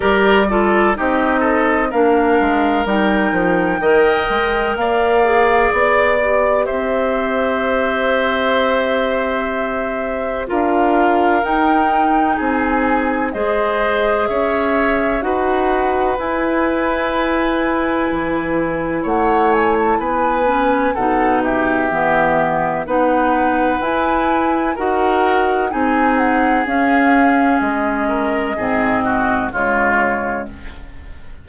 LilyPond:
<<
  \new Staff \with { instrumentName = "flute" } { \time 4/4 \tempo 4 = 63 d''4 dis''4 f''4 g''4~ | g''4 f''4 d''4 e''4~ | e''2. f''4 | g''4 gis''4 dis''4 e''4 |
fis''4 gis''2. | fis''8 gis''16 a''16 gis''4 fis''8 e''4. | fis''4 gis''4 fis''4 gis''8 fis''8 | f''4 dis''2 cis''4 | }
  \new Staff \with { instrumentName = "oboe" } { \time 4/4 ais'8 a'8 g'8 a'8 ais'2 | dis''4 d''2 c''4~ | c''2. ais'4~ | ais'4 gis'4 c''4 cis''4 |
b'1 | cis''4 b'4 a'8 g'4. | b'2 ais'4 gis'4~ | gis'4. ais'8 gis'8 fis'8 f'4 | }
  \new Staff \with { instrumentName = "clarinet" } { \time 4/4 g'8 f'8 dis'4 d'4 dis'4 | ais'4. gis'4 g'4.~ | g'2. f'4 | dis'2 gis'2 |
fis'4 e'2.~ | e'4. cis'8 dis'4 b4 | dis'4 e'4 fis'4 dis'4 | cis'2 c'4 gis4 | }
  \new Staff \with { instrumentName = "bassoon" } { \time 4/4 g4 c'4 ais8 gis8 g8 f8 | dis8 gis8 ais4 b4 c'4~ | c'2. d'4 | dis'4 c'4 gis4 cis'4 |
dis'4 e'2 e4 | a4 b4 b,4 e4 | b4 e'4 dis'4 c'4 | cis'4 gis4 gis,4 cis4 | }
>>